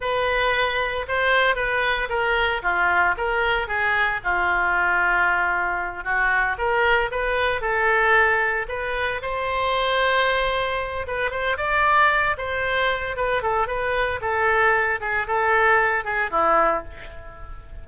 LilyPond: \new Staff \with { instrumentName = "oboe" } { \time 4/4 \tempo 4 = 114 b'2 c''4 b'4 | ais'4 f'4 ais'4 gis'4 | f'2.~ f'8 fis'8~ | fis'8 ais'4 b'4 a'4.~ |
a'8 b'4 c''2~ c''8~ | c''4 b'8 c''8 d''4. c''8~ | c''4 b'8 a'8 b'4 a'4~ | a'8 gis'8 a'4. gis'8 e'4 | }